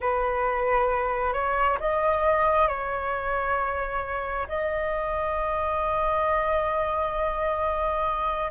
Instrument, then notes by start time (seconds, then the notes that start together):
flute
0.00 B4
1.33 C#5
1.80 D#5
2.67 C#5
4.48 D#5